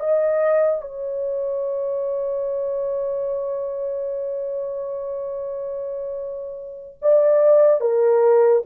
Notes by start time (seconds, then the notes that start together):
0.00 D#5
0.81 C#5
7.02 D5
7.81 A#4